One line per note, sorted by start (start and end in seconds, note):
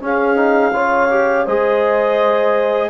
0.00 0.72 C#4
0.00 0.36 C#4
0.00 0.73 G#4
0.00 1.46 F5
0.36 0.72 D#4
0.73 1.45 C#3
0.73 1.09 F4
0.73 1.45 C#5
1.10 1.46 G4
1.45 2.90 G#3
1.45 2.90 G#4
1.45 2.90 C5
1.45 2.90 D#5